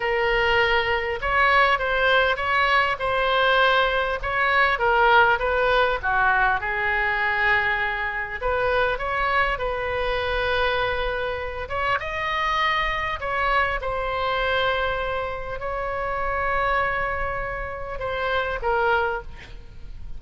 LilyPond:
\new Staff \with { instrumentName = "oboe" } { \time 4/4 \tempo 4 = 100 ais'2 cis''4 c''4 | cis''4 c''2 cis''4 | ais'4 b'4 fis'4 gis'4~ | gis'2 b'4 cis''4 |
b'2.~ b'8 cis''8 | dis''2 cis''4 c''4~ | c''2 cis''2~ | cis''2 c''4 ais'4 | }